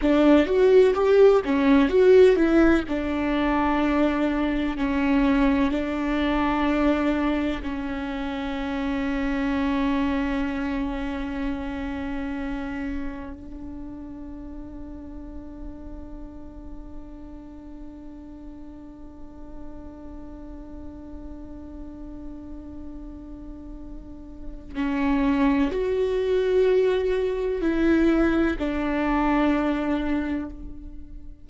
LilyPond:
\new Staff \with { instrumentName = "viola" } { \time 4/4 \tempo 4 = 63 d'8 fis'8 g'8 cis'8 fis'8 e'8 d'4~ | d'4 cis'4 d'2 | cis'1~ | cis'2 d'2~ |
d'1~ | d'1~ | d'2 cis'4 fis'4~ | fis'4 e'4 d'2 | }